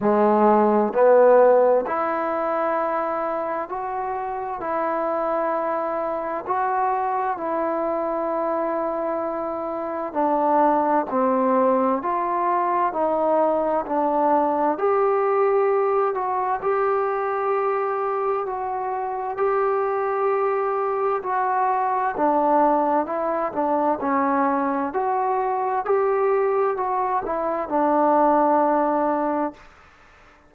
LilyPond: \new Staff \with { instrumentName = "trombone" } { \time 4/4 \tempo 4 = 65 gis4 b4 e'2 | fis'4 e'2 fis'4 | e'2. d'4 | c'4 f'4 dis'4 d'4 |
g'4. fis'8 g'2 | fis'4 g'2 fis'4 | d'4 e'8 d'8 cis'4 fis'4 | g'4 fis'8 e'8 d'2 | }